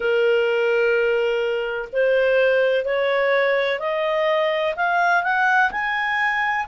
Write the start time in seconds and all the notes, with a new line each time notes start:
0.00 A#4
1.92 C5
2.84 C#5
3.79 D#5
4.76 F5
5.23 F#5
5.71 G#5